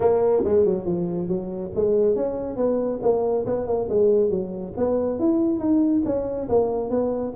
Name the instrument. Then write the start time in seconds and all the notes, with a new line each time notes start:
tuba
0.00 A#3
0.44 G#3
0.65 F#3
0.85 F3
1.28 F#3
1.75 G#3
2.15 C#4
2.56 B3
3.02 A#3
3.45 B3
3.67 A#3
3.89 G#3
4.30 F#3
4.76 B3
5.19 E4
5.59 D#4
6.05 C#4
6.48 A#3
6.89 B3